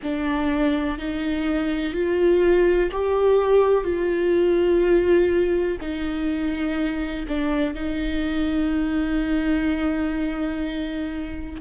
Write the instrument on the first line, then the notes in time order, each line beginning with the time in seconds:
viola
0.03 D4
0.98 D#4
1.93 F4
2.91 G4
3.84 F4
5.81 D#4
7.28 D4
7.74 D#4